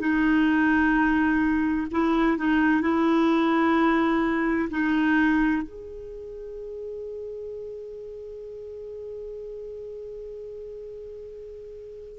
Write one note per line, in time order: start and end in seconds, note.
0.00 1.87 D#4
1.92 2.38 E4
2.38 2.82 D#4
2.82 4.69 E4
4.71 5.63 D#4
5.63 12.19 G#4